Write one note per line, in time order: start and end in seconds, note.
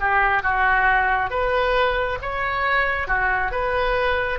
0.00 0.42 G4
0.42 1.30 F#4
1.30 2.18 B4
2.21 3.07 C#5
3.07 3.51 F#4
3.51 4.39 B4